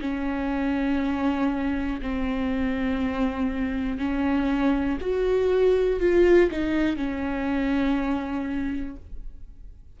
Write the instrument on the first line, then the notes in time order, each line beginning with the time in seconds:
viola
0.00 C#4
2.01 C4
3.98 C#4
5.00 F#4
6.00 F4
6.51 D#4
6.96 C#4